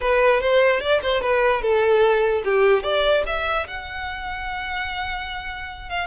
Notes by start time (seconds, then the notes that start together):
0.01 B4
0.40 C5
0.80 D5
1.02 C5
1.21 B4
1.62 A4
2.44 G4
2.83 D5
3.26 E5
3.67 F#5
5.89 F5